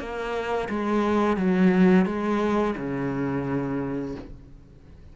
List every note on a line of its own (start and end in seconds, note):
0.00 0.69 A#3
0.70 1.37 G#3
1.37 2.06 F#3
2.06 2.75 G#3
2.77 4.15 C#3